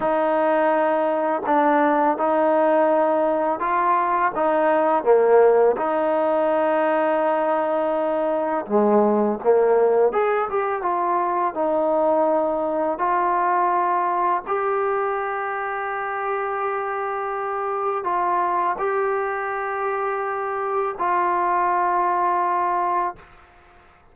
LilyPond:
\new Staff \with { instrumentName = "trombone" } { \time 4/4 \tempo 4 = 83 dis'2 d'4 dis'4~ | dis'4 f'4 dis'4 ais4 | dis'1 | gis4 ais4 gis'8 g'8 f'4 |
dis'2 f'2 | g'1~ | g'4 f'4 g'2~ | g'4 f'2. | }